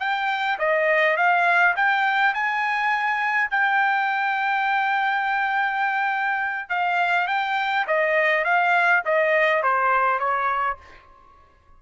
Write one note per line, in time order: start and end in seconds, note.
0.00 0.58 G5
0.59 1.17 D#5
1.17 1.76 F5
1.77 2.34 G5
2.34 3.51 G#5
3.51 6.70 G5
6.70 7.28 F5
7.28 7.86 G5
7.88 8.45 D#5
8.45 9.03 F5
9.06 9.63 D#5
9.63 10.20 C5
10.20 10.78 C#5